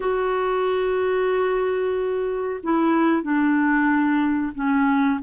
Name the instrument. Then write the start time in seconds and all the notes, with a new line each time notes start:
clarinet
0.00 F#4
2.63 E4
3.22 D4
4.54 C#4